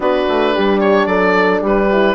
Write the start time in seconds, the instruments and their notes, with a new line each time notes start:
0.00 bassoon B3, horn D4 F#4, oboe B4
0.28 bassoon A3
0.53 bassoon G3, horn G4
0.80 oboe C#5
1.06 bassoon F#3, horn A4, oboe D5
1.61 bassoon G3, horn G4, oboe B4
1.91 horn E4